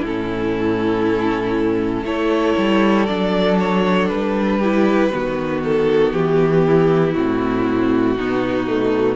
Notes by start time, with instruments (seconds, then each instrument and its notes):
0.00 cello A2, violin E4 A4
0.07 viola C#4
2.03 cello A3, viola E4, violin A4 C#5
2.58 cello G3
3.06 cello F#3, viola D4, violin D5
3.60 violin C#5
4.08 cello G3, violin B4
4.58 viola E4, violin G4
5.12 cello D#3, viola B3, violin F#4
5.64 violin A4
6.13 cello E3, violin G4
6.66 violin E4
7.14 cello A2, viola C4, violin F#4
8.16 cello B2, viola B3, violin D#4
8.68 viola A3